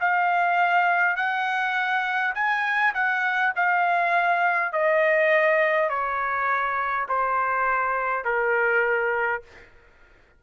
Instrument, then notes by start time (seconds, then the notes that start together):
trumpet
0.00 F5
1.16 F#5
2.34 G#5
2.94 F#5
3.56 F5
4.72 D#5
5.89 C#5
7.09 C5
8.24 A#4